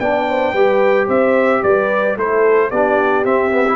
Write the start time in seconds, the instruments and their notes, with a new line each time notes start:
0.00 tuba B3, trombone D4, horn D5, trumpet G5
0.29 horn C5
0.53 tuba G3, trombone G4, horn B4
1.06 tuba C4, horn C5, trumpet E5
1.63 tuba G3, horn B4, trumpet D5
2.17 tuba A3, trombone E4, horn A4, trumpet C5
2.71 tuba B3, trombone D4, horn G4, trumpet D5
3.25 trombone C4, tuba C4, trumpet E5
3.52 trombone B3
3.68 trombone E4